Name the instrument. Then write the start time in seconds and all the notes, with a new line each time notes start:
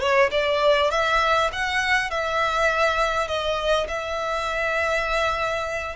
violin
0.00 C#5
0.31 D5
0.90 E5
1.52 F#5
2.10 E5
3.27 D#5
3.88 E5